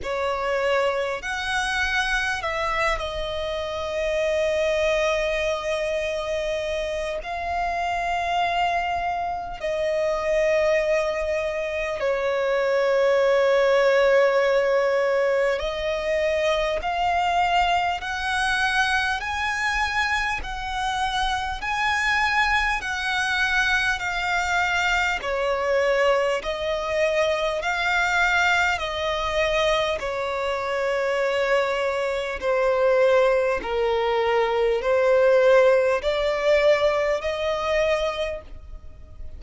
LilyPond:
\new Staff \with { instrumentName = "violin" } { \time 4/4 \tempo 4 = 50 cis''4 fis''4 e''8 dis''4.~ | dis''2 f''2 | dis''2 cis''2~ | cis''4 dis''4 f''4 fis''4 |
gis''4 fis''4 gis''4 fis''4 | f''4 cis''4 dis''4 f''4 | dis''4 cis''2 c''4 | ais'4 c''4 d''4 dis''4 | }